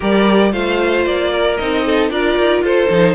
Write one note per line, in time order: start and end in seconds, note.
0.00 0.53 G3
0.00 0.52 G4
0.00 0.51 A#4
0.00 0.52 D5
0.52 1.05 A3
0.52 1.57 F4
0.52 1.31 C5
0.52 1.05 F5
1.05 1.58 A#3
1.05 1.57 D5
1.32 1.84 A#4
1.57 2.10 C4
1.57 2.10 D#4
1.57 2.09 D#5
1.85 2.11 A4
2.10 2.36 D4
2.10 2.89 F4
2.10 2.63 A#4
2.10 2.63 D5
2.37 2.61 D#4
2.61 2.88 F4
2.61 3.14 A4
2.61 3.14 C5
2.89 3.14 F3
2.89 3.14 D#4